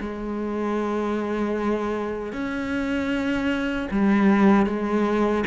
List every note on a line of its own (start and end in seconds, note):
0.00 2.33 G#3
2.33 3.89 C#4
3.91 4.66 G3
4.66 5.44 G#3